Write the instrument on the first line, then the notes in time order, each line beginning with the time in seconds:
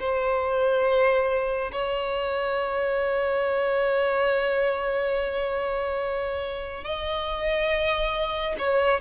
violin
0.00 C5
1.73 C#5
6.85 D#5
8.59 C#5